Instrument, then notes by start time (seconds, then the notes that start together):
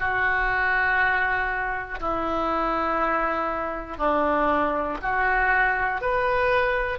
oboe
0.00 F#4
2.01 E4
3.98 D4
5.03 F#4
6.01 B4